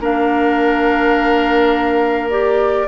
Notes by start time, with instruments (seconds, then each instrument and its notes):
0.00 bassoon A#3, clarinet D4, oboe A#4, flute F5
2.31 clarinet G4, flute D5